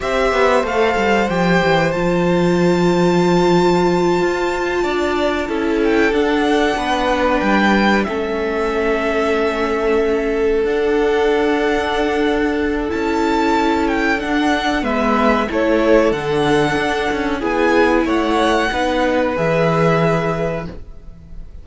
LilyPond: <<
  \new Staff \with { instrumentName = "violin" } { \time 4/4 \tempo 4 = 93 e''4 f''4 g''4 a''4~ | a''1~ | a''4 g''8 fis''2 g''8~ | g''8 e''2.~ e''8~ |
e''8 fis''2.~ fis''8 | a''4. g''8 fis''4 e''4 | cis''4 fis''2 gis''4 | fis''2 e''2 | }
  \new Staff \with { instrumentName = "violin" } { \time 4/4 c''1~ | c''2.~ c''8 d''8~ | d''8 a'2 b'4.~ | b'8 a'2.~ a'8~ |
a'1~ | a'2. b'4 | a'2. gis'4 | cis''4 b'2. | }
  \new Staff \with { instrumentName = "viola" } { \time 4/4 g'4 a'4 g'4 f'4~ | f'1~ | f'8 e'4 d'2~ d'8~ | d'8 cis'2.~ cis'8~ |
cis'8 d'2.~ d'8 | e'2 d'4 b4 | e'4 d'2 e'4~ | e'4 dis'4 gis'2 | }
  \new Staff \with { instrumentName = "cello" } { \time 4/4 c'8 b8 a8 g8 f8 e8 f4~ | f2~ f8 f'4 d'8~ | d'8 cis'4 d'4 b4 g8~ | g8 a2.~ a8~ |
a8 d'2.~ d'8 | cis'2 d'4 gis4 | a4 d4 d'8 cis'8 b4 | a4 b4 e2 | }
>>